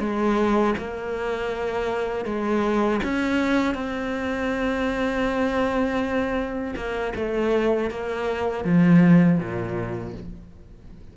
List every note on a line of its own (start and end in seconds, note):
0.00 0.75 G#3
0.78 2.26 A#3
2.26 3.01 G#3
3.04 3.75 C#4
3.75 6.75 C4
6.76 7.14 A#3
7.16 7.91 A3
7.91 8.65 A#3
8.65 9.39 F3
9.39 10.14 A#2